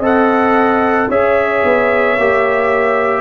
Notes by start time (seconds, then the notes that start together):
0.00 C4 A4 D#5 F#5
1.09 C#4 G#4 C#5 E5
1.65 B3
2.19 A#3 G4